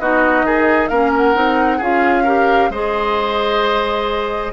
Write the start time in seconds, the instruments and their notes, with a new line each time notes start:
0.00 bassoon B3, clarinet D#4, oboe F#4, flute D#5
0.44 bassoon D#3, oboe G#4
0.88 bassoon A#3, clarinet C#4, oboe A#4, flute F5
1.17 flute F#5
1.35 bassoon C4, clarinet D#4
1.78 bassoon C#4, clarinet F4, oboe G#4, flute F5
2.24 clarinet G4, oboe A#4
2.70 bassoon G#3, clarinet G#4, oboe C5, flute D#5